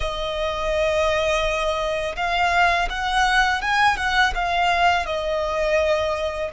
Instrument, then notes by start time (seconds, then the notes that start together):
violin
0.00 D#5
2.16 F5
2.89 F#5
3.61 G#5
3.97 F#5
4.34 F5
5.06 D#5